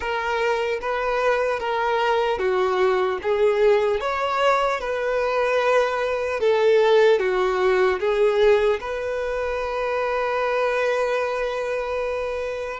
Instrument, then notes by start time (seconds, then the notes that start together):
violin
0.00 A#4
0.81 B4
1.59 A#4
2.39 F#4
3.22 G#4
4.00 C#5
4.80 B4
6.40 A4
7.19 F#4
7.99 G#4
8.80 B4